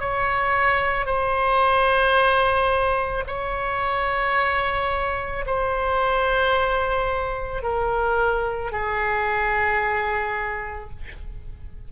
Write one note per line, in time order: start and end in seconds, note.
0.00 1.06 C#5
1.06 3.24 C5
3.27 5.45 C#5
5.46 7.63 C5
7.63 8.72 A#4
8.72 10.90 G#4